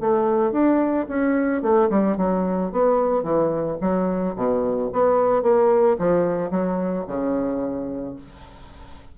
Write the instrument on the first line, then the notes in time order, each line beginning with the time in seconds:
bassoon
0.00 A3
0.51 D4
1.08 C#4
1.62 A3
1.89 G3
2.17 F#3
2.71 B3
3.23 E3
3.81 F#3
4.35 B2
4.92 B3
5.42 A#3
5.98 F3
6.50 F#3
7.06 C#3